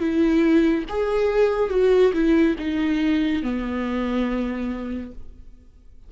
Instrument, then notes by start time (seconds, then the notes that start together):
viola
0.00 E4
0.89 G#4
1.70 F#4
2.14 E4
2.59 D#4
3.43 B3